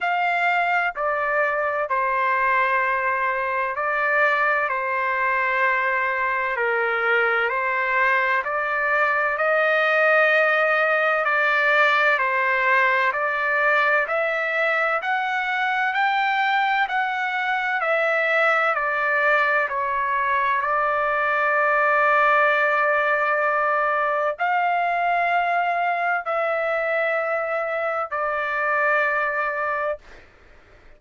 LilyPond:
\new Staff \with { instrumentName = "trumpet" } { \time 4/4 \tempo 4 = 64 f''4 d''4 c''2 | d''4 c''2 ais'4 | c''4 d''4 dis''2 | d''4 c''4 d''4 e''4 |
fis''4 g''4 fis''4 e''4 | d''4 cis''4 d''2~ | d''2 f''2 | e''2 d''2 | }